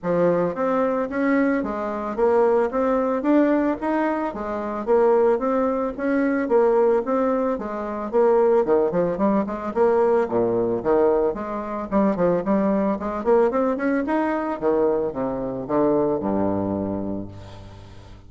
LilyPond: \new Staff \with { instrumentName = "bassoon" } { \time 4/4 \tempo 4 = 111 f4 c'4 cis'4 gis4 | ais4 c'4 d'4 dis'4 | gis4 ais4 c'4 cis'4 | ais4 c'4 gis4 ais4 |
dis8 f8 g8 gis8 ais4 ais,4 | dis4 gis4 g8 f8 g4 | gis8 ais8 c'8 cis'8 dis'4 dis4 | c4 d4 g,2 | }